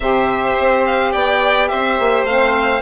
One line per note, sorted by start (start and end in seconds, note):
0.00 0.55 C3
0.00 2.27 G4
0.00 1.12 C5
0.00 0.84 E5
0.59 1.14 C4
0.86 1.12 F5
1.12 1.71 B3
1.12 1.69 D5
1.12 1.68 G5
1.68 1.99 C4
1.68 2.82 C5
1.68 2.24 E5
1.99 2.23 A#3
2.23 2.80 A3
2.23 2.82 C4
2.23 2.82 F5